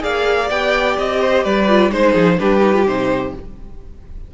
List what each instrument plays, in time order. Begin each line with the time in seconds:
0.00 cello A#3, viola G#4, violin D5 F5
0.50 cello B3, viola G4, violin G5
0.98 cello C4, violin D#5
1.21 violin C5
1.44 cello G3, violin B4 D5
1.69 viola F4
1.91 cello G#3, viola D#4, violin C5
2.12 cello F3, violin G#4
2.39 cello G3, viola D4, violin G4 B4
2.61 viola D#4
2.74 viola F4
2.86 cello C3, viola D#4, violin C5